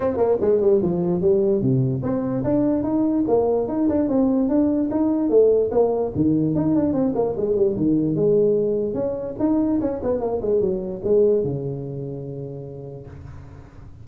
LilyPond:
\new Staff \with { instrumentName = "tuba" } { \time 4/4 \tempo 4 = 147 c'8 ais8 gis8 g8 f4 g4 | c4 c'4 d'4 dis'4 | ais4 dis'8 d'8 c'4 d'4 | dis'4 a4 ais4 dis4 |
dis'8 d'8 c'8 ais8 gis8 g8 dis4 | gis2 cis'4 dis'4 | cis'8 b8 ais8 gis8 fis4 gis4 | cis1 | }